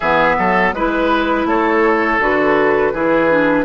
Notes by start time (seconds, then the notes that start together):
0.00 E3 B3 G#4 E5
0.38 F#3 A4
0.73 G#3 E4 B4
1.45 A3 A4 C#5
2.19 D3 F#4 B4
2.93 E3 E4 G#4
3.30 D4